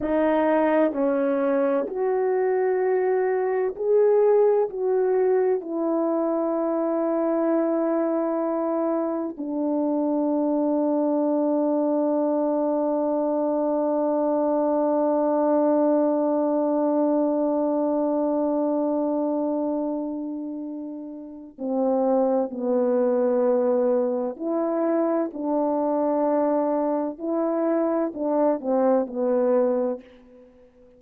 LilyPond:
\new Staff \with { instrumentName = "horn" } { \time 4/4 \tempo 4 = 64 dis'4 cis'4 fis'2 | gis'4 fis'4 e'2~ | e'2 d'2~ | d'1~ |
d'1~ | d'2. c'4 | b2 e'4 d'4~ | d'4 e'4 d'8 c'8 b4 | }